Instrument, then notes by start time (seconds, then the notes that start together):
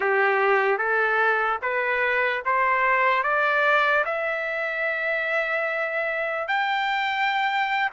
trumpet
0.00 G4
0.78 A4
1.61 B4
2.45 C5
3.23 D5
4.05 E5
6.48 G5